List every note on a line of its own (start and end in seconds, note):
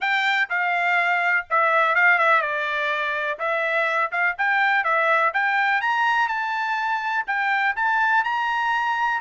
0.00 0.49 G5
0.49 1.46 F5
1.50 1.95 E5
1.95 2.18 F5
2.18 2.41 E5
2.41 3.38 D5
3.38 4.11 E5
4.11 4.35 F5
4.38 4.84 G5
4.84 5.32 E5
5.33 5.81 G5
5.81 6.28 A#5
6.28 7.24 A5
7.26 7.75 G5
7.76 8.24 A5
8.24 9.20 A#5